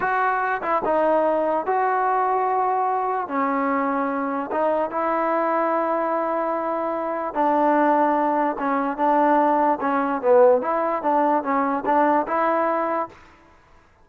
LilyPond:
\new Staff \with { instrumentName = "trombone" } { \time 4/4 \tempo 4 = 147 fis'4. e'8 dis'2 | fis'1 | cis'2. dis'4 | e'1~ |
e'2 d'2~ | d'4 cis'4 d'2 | cis'4 b4 e'4 d'4 | cis'4 d'4 e'2 | }